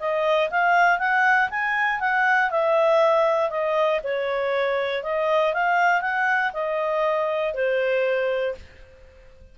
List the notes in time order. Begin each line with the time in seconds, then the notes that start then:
0.00 D#5
0.51 F5
0.99 F#5
1.50 G#5
2.00 F#5
2.51 E5
3.50 D#5
4.04 C#5
5.03 D#5
5.54 F5
6.02 F#5
6.54 D#5
7.54 C5